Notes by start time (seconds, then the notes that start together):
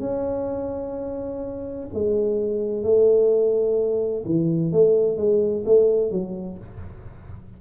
0.00 C#4
1.94 G#3
2.83 A3
4.25 E3
4.72 A3
5.17 G#3
5.65 A3
6.11 F#3